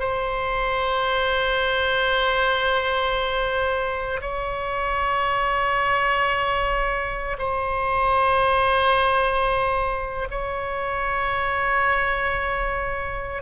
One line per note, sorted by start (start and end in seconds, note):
0.00 4.21 C5
4.22 7.37 C#5
7.39 10.29 C5
10.31 13.43 C#5